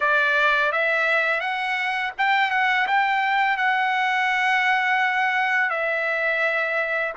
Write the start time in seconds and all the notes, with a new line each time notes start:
0.00 D5
0.72 E5
1.40 F#5
2.18 G5
2.51 F#5
2.87 G5
3.57 F#5
5.70 E5